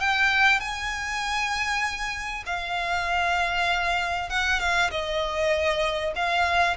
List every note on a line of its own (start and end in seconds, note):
0.00 0.60 G5
0.60 2.44 G#5
2.46 4.29 F5
4.29 4.60 F#5
4.60 4.90 F5
4.91 6.13 D#5
6.16 6.77 F5